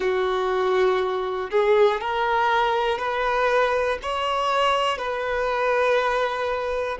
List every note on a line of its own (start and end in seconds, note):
0.00 1.50 F#4
1.50 2.00 G#4
2.00 2.98 A#4
2.98 3.98 B4
4.02 4.98 C#5
4.98 6.98 B4